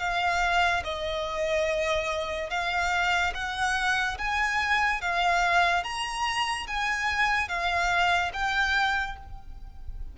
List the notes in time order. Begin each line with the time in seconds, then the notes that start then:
0.00 F5
0.84 D#5
2.50 F5
3.34 F#5
4.18 G#5
5.02 F5
5.84 A#5
6.67 G#5
7.48 F5
8.34 G5